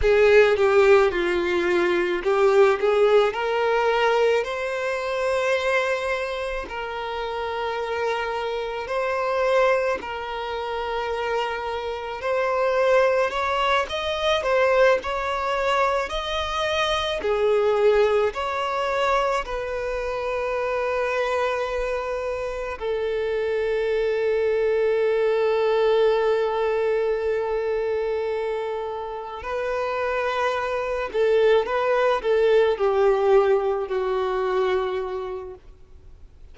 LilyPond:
\new Staff \with { instrumentName = "violin" } { \time 4/4 \tempo 4 = 54 gis'8 g'8 f'4 g'8 gis'8 ais'4 | c''2 ais'2 | c''4 ais'2 c''4 | cis''8 dis''8 c''8 cis''4 dis''4 gis'8~ |
gis'8 cis''4 b'2~ b'8~ | b'8 a'2.~ a'8~ | a'2~ a'8 b'4. | a'8 b'8 a'8 g'4 fis'4. | }